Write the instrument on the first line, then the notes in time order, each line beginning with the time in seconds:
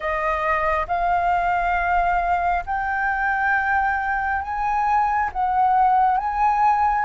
flute
0.00 D#5
0.87 F5
2.66 G5
4.42 G#5
5.32 F#5
6.17 G#5